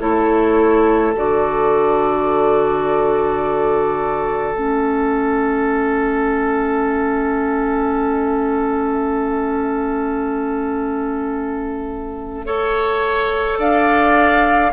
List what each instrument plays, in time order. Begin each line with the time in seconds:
0.00 bassoon A3, clarinet E4, oboe A4, flute C#5
1.16 bassoon D3, clarinet F#4, flute D5
4.54 bassoon A3, clarinet C#4, flute E5
12.46 clarinet A4, oboe C#5
13.58 bassoon D4, oboe D5, flute F5